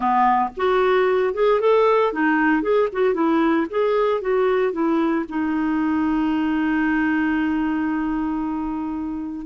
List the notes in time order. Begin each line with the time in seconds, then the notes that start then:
0.00 B3
0.56 F#4
1.33 G#4
1.60 A4
2.12 D#4
2.62 G#4
2.92 F#4
3.14 E4
3.70 G#4
4.21 F#4
4.72 E4
5.28 D#4